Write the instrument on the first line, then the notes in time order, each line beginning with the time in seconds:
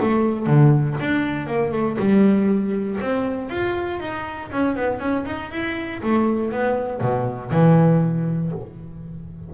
double bass
0.00 A3
0.46 D3
0.99 D4
1.46 A#3
1.72 A3
1.98 G3
3.00 C4
3.49 F4
4.00 D#4
4.51 C#4
4.76 B3
4.99 C#4
5.26 D#4
5.51 E4
6.02 A3
6.51 B3
7.00 B2
7.51 E3